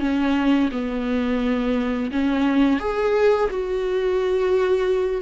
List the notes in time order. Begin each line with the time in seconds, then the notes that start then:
0.00 C#4
0.72 B3
2.12 C#4
2.80 G#4
3.50 F#4